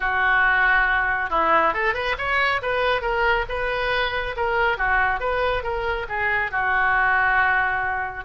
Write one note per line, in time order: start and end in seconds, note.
0.00 1.29 F#4
1.29 1.73 E4
1.73 1.93 A4
1.93 2.15 B4
2.17 2.61 C#5
2.61 3.01 B4
3.01 3.45 A#4
3.48 4.35 B4
4.36 4.77 A#4
4.77 5.20 F#4
5.20 5.63 B4
5.63 6.06 A#4
6.08 6.51 G#4
6.51 8.24 F#4